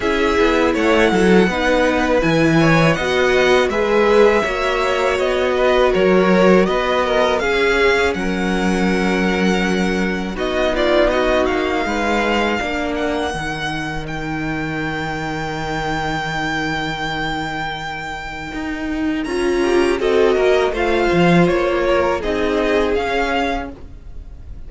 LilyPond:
<<
  \new Staff \with { instrumentName = "violin" } { \time 4/4 \tempo 4 = 81 e''4 fis''2 gis''4 | fis''4 e''2 dis''4 | cis''4 dis''4 f''4 fis''4~ | fis''2 dis''8 d''8 dis''8 f''8~ |
f''4. fis''4. g''4~ | g''1~ | g''2 ais''4 dis''4 | f''4 cis''4 dis''4 f''4 | }
  \new Staff \with { instrumentName = "violin" } { \time 4/4 gis'4 cis''8 a'8 b'4. cis''8 | dis''4 b'4 cis''4. b'8 | ais'4 b'8 ais'8 gis'4 ais'4~ | ais'2 fis'8 f'8 fis'4 |
b'4 ais'2.~ | ais'1~ | ais'2~ ais'8 g'8 a'8 ais'8 | c''4. ais'8 gis'2 | }
  \new Staff \with { instrumentName = "viola" } { \time 4/4 e'2 dis'4 e'4 | fis'4 gis'4 fis'2~ | fis'2 cis'2~ | cis'2 dis'2~ |
dis'4 d'4 dis'2~ | dis'1~ | dis'2 f'4 fis'4 | f'2 dis'4 cis'4 | }
  \new Staff \with { instrumentName = "cello" } { \time 4/4 cis'8 b8 a8 fis8 b4 e4 | b4 gis4 ais4 b4 | fis4 b4 cis'4 fis4~ | fis2 b4. ais8 |
gis4 ais4 dis2~ | dis1~ | dis4 dis'4 cis'4 c'8 ais8 | a8 f8 ais4 c'4 cis'4 | }
>>